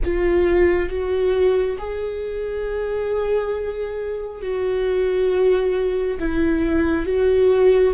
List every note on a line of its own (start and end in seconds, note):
0.04 0.89 F4
0.89 1.77 F#4
1.78 4.41 G#4
4.41 6.18 F#4
6.19 7.05 E4
7.05 7.94 F#4